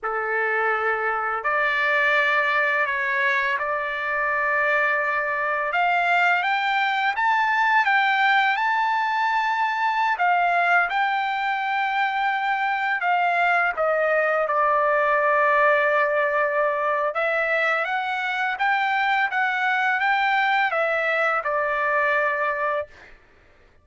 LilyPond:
\new Staff \with { instrumentName = "trumpet" } { \time 4/4 \tempo 4 = 84 a'2 d''2 | cis''4 d''2. | f''4 g''4 a''4 g''4 | a''2~ a''16 f''4 g''8.~ |
g''2~ g''16 f''4 dis''8.~ | dis''16 d''2.~ d''8. | e''4 fis''4 g''4 fis''4 | g''4 e''4 d''2 | }